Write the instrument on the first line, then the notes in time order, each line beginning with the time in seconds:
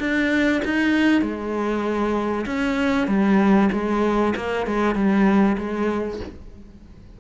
cello
0.00 D4
0.65 D#4
1.22 G#3
2.46 C#4
3.08 G3
3.72 G#3
4.36 A#3
4.67 G#3
4.95 G3
5.58 G#3